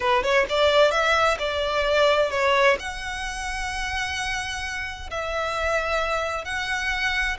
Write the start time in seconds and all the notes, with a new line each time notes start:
0.00 B4
0.23 C#5
0.49 D5
0.91 E5
1.38 D5
2.30 C#5
2.79 F#5
5.10 E5
6.44 F#5